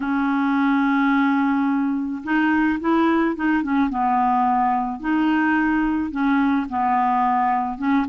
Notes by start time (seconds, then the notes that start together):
0.00 C#4
2.23 D#4
2.80 E4
3.35 D#4
3.62 C#4
3.89 B3
5.00 D#4
6.11 C#4
6.69 B3
7.78 C#4